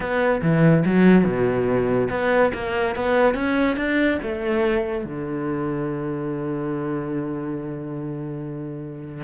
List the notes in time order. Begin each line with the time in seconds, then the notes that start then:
0.00 B3
0.42 E3
0.85 F#3
1.24 B2
2.10 B3
2.53 A#3
2.95 B3
3.34 C#4
3.76 D4
4.22 A3
5.04 D3